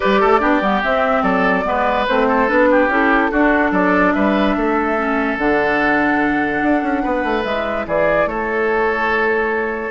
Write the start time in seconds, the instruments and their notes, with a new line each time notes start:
0.00 bassoon G3, clarinet G4, oboe B4, flute D5
0.20 bassoon A3, oboe A4
0.40 bassoon B3, clarinet D4, oboe G4
0.61 bassoon G3, clarinet B3
0.83 clarinet C4, bassoon C4, flute E5
1.22 bassoon F#3, oboe A4, flute D5
1.64 bassoon G#3, clarinet B3, oboe B4
2.07 bassoon A3, clarinet C4, flute C5
2.28 oboe A4
2.47 bassoon B3, clarinet D4, flute B4
2.70 oboe G4
2.87 bassoon C#4, clarinet E4, flute A4
3.31 bassoon D4, clarinet D4, oboe F#4
3.71 bassoon F#3, oboe A4, flute D5
4.12 bassoon G3, oboe B4, flute E5
4.56 bassoon A3, oboe A4
4.97 clarinet C#4
5.37 bassoon D3, clarinet D4, flute F#5
6.62 bassoon D4
6.82 bassoon C#4
7.02 bassoon B3, oboe B4
7.23 bassoon A3
7.43 bassoon G#3, clarinet E4, flute E5
7.86 bassoon E3, oboe G#4, flute D5
8.26 bassoon A3, oboe A4, flute C#5